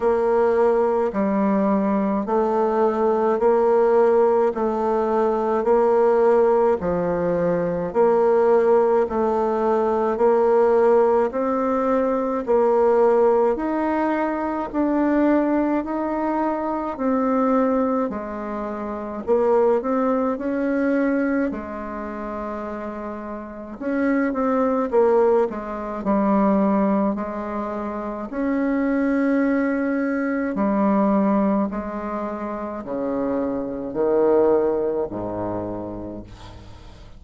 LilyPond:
\new Staff \with { instrumentName = "bassoon" } { \time 4/4 \tempo 4 = 53 ais4 g4 a4 ais4 | a4 ais4 f4 ais4 | a4 ais4 c'4 ais4 | dis'4 d'4 dis'4 c'4 |
gis4 ais8 c'8 cis'4 gis4~ | gis4 cis'8 c'8 ais8 gis8 g4 | gis4 cis'2 g4 | gis4 cis4 dis4 gis,4 | }